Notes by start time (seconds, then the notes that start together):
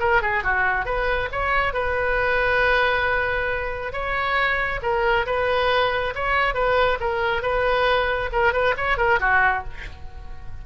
0.00 A#4
0.22 G#4
0.44 F#4
0.86 B4
1.32 C#5
1.74 B4
3.93 C#5
4.83 A#4
5.26 B4
6.15 C#5
6.55 B4
7.01 A#4
7.43 B4
8.32 A#4
8.53 B4
8.77 C#5
8.98 A#4
9.20 F#4